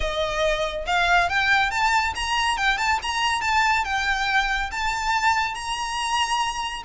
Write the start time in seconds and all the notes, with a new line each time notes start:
0.00 D#5
0.86 F5
1.29 G5
1.70 A5
2.15 A#5
2.57 G5
2.77 A5
3.02 A#5
3.41 A5
3.84 G5
4.71 A5
5.54 A#5